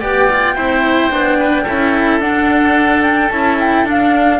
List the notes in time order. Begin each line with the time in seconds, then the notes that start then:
0.00 B3 G4 D5 G5
0.30 F4
0.56 C4 E4 C5
1.10 B3 D4
1.40 B4
1.63 C#4 E4 A4
2.20 D4 F#5
3.03 G5
3.30 C#4 E4 A5
3.60 G5
3.85 D4 F5